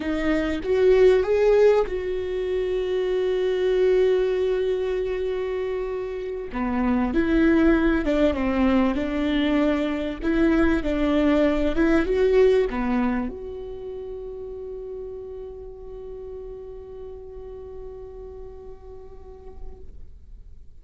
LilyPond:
\new Staff \with { instrumentName = "viola" } { \time 4/4 \tempo 4 = 97 dis'4 fis'4 gis'4 fis'4~ | fis'1~ | fis'2~ fis'8 b4 e'8~ | e'4 d'8 c'4 d'4.~ |
d'8 e'4 d'4. e'8 fis'8~ | fis'8 b4 fis'2~ fis'8~ | fis'1~ | fis'1 | }